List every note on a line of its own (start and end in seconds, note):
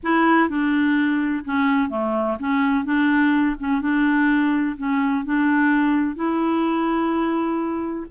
0.03 0.49 E4
0.49 1.44 D4
1.44 1.89 C#4
1.89 2.37 A3
2.39 2.84 C#4
2.84 3.56 D4
3.59 3.81 C#4
3.81 4.76 D4
4.77 5.24 C#4
5.24 6.15 D4
6.15 8.06 E4